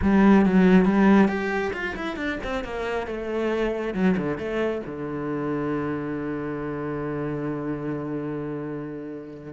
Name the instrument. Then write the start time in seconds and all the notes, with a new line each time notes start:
cello
0.02 G3
0.45 F#3
0.85 G3
1.27 G4
1.73 F4
1.95 E4
2.16 D4
2.43 C4
2.64 A#3
3.07 A3
3.94 F#3
4.17 D3
4.37 A3
4.86 D3